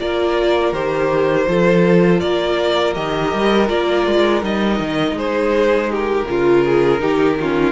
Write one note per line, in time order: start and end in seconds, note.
0.00 0.73 A#3
0.00 0.74 F4
0.00 1.49 A#4
0.00 0.74 D5
0.73 1.47 D#3
0.73 1.48 G4
0.73 2.20 C5
1.48 2.22 F3
1.48 2.95 F4
1.48 2.23 A4
2.20 2.97 A#3
2.20 5.16 A#4
2.20 2.94 D5
2.95 3.34 D#3
2.95 3.68 G4
2.95 3.69 D#5
3.34 3.70 G3
3.68 4.07 A#3
3.68 4.42 F4
3.68 4.44 D5
4.07 4.43 G#3
4.42 4.80 G3
4.42 6.27 D#4
4.42 5.19 D#5
4.80 5.13 D#3
5.13 6.24 G#3
5.13 5.90 G#4
5.13 5.93 C5
5.91 6.28 G4
5.91 7.72 A#4
6.29 7.02 C#3
6.29 7.00 F4
6.29 6.66 F4
6.66 7.02 G#4
7.00 7.72 D#3
7.00 7.37 D#4
7.00 7.40 G4
7.41 7.72 C#4
7.41 7.72 F4